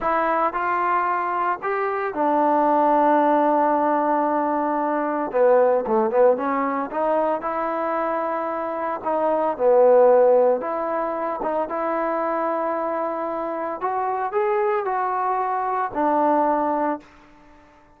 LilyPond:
\new Staff \with { instrumentName = "trombone" } { \time 4/4 \tempo 4 = 113 e'4 f'2 g'4 | d'1~ | d'2 b4 a8 b8 | cis'4 dis'4 e'2~ |
e'4 dis'4 b2 | e'4. dis'8 e'2~ | e'2 fis'4 gis'4 | fis'2 d'2 | }